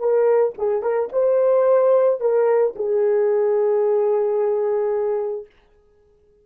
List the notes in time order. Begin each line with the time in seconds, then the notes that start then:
0.00 A#4
0.58 G#4
0.83 A#4
1.13 C5
2.21 A#4
2.76 G#4